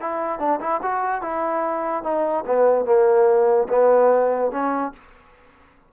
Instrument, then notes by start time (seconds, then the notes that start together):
trombone
0.00 E4
0.39 D4
0.60 E4
0.82 F#4
1.21 E4
2.03 D#4
2.46 B3
2.85 A#3
3.69 B3
4.51 C#4